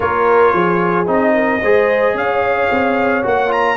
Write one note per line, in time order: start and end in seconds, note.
0.00 0.53 A#3
0.00 1.06 F4
0.00 0.53 A#4
0.00 1.08 C#5
0.53 1.07 F3
0.53 1.34 G#4
1.06 1.61 C4
1.06 1.60 D#4
1.06 2.17 D#5
1.34 1.61 A#4
1.61 2.14 G#3
1.61 3.22 G#4
1.61 2.16 C5
2.14 2.68 C#4
2.14 3.76 C#5
2.14 3.25 F5
2.70 3.24 C4
3.22 3.76 A#3
3.22 3.48 F#4
3.22 3.52 F#5
3.48 3.75 F4
3.48 3.76 A#5